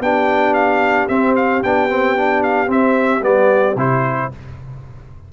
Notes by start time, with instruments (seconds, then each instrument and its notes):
0.00 tuba B3, trombone D4, horn G4, trumpet G5
0.54 trumpet F5
1.08 tuba C4, trombone C4, trumpet E5
1.36 trumpet F5
1.63 tuba B3, trombone D4, trumpet G5
1.90 trombone C4
2.17 trombone D4
2.44 trumpet F5
2.67 trombone C4, tuba C4, trumpet E5
3.22 tuba G3, trombone B3, trumpet D5
3.76 tuba C3, trombone E4, trumpet C5